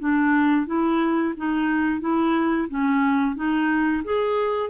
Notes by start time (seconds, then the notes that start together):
0.00 D4
0.67 E4
1.37 D#4
2.01 E4
2.69 C#4
3.36 D#4
4.04 G#4